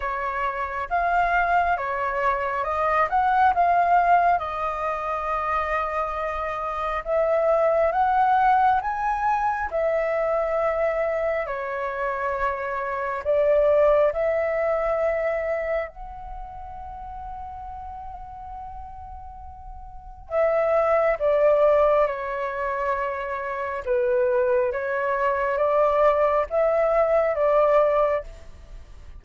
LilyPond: \new Staff \with { instrumentName = "flute" } { \time 4/4 \tempo 4 = 68 cis''4 f''4 cis''4 dis''8 fis''8 | f''4 dis''2. | e''4 fis''4 gis''4 e''4~ | e''4 cis''2 d''4 |
e''2 fis''2~ | fis''2. e''4 | d''4 cis''2 b'4 | cis''4 d''4 e''4 d''4 | }